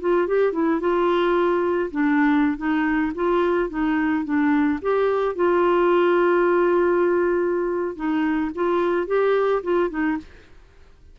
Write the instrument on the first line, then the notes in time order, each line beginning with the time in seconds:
clarinet
0.00 F4
0.27 G4
0.53 E4
0.80 F4
1.91 D4
2.57 D#4
3.15 F4
3.69 D#4
4.24 D4
4.81 G4
5.35 F4
7.95 D#4
8.54 F4
9.07 G4
9.63 F4
9.90 D#4